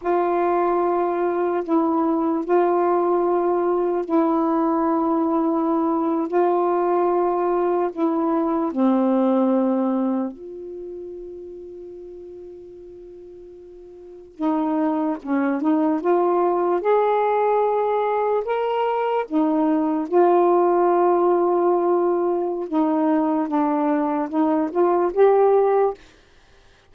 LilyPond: \new Staff \with { instrumentName = "saxophone" } { \time 4/4 \tempo 4 = 74 f'2 e'4 f'4~ | f'4 e'2~ e'8. f'16~ | f'4.~ f'16 e'4 c'4~ c'16~ | c'8. f'2.~ f'16~ |
f'4.~ f'16 dis'4 cis'8 dis'8 f'16~ | f'8. gis'2 ais'4 dis'16~ | dis'8. f'2.~ f'16 | dis'4 d'4 dis'8 f'8 g'4 | }